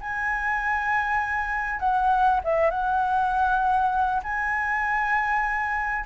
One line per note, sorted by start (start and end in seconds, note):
0.00 1.79 G#5
1.79 2.40 F#5
2.44 2.70 E5
2.70 4.22 F#5
4.23 6.05 G#5